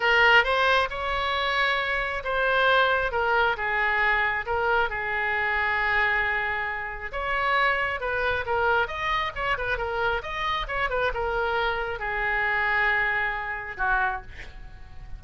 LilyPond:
\new Staff \with { instrumentName = "oboe" } { \time 4/4 \tempo 4 = 135 ais'4 c''4 cis''2~ | cis''4 c''2 ais'4 | gis'2 ais'4 gis'4~ | gis'1 |
cis''2 b'4 ais'4 | dis''4 cis''8 b'8 ais'4 dis''4 | cis''8 b'8 ais'2 gis'4~ | gis'2. fis'4 | }